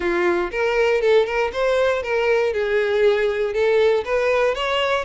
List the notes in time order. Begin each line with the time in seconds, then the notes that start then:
0.00 F4
0.51 A#4
1.01 A4
1.26 A#4
1.52 C5
2.03 A#4
2.53 G#4
3.53 A4
4.05 B4
4.54 C#5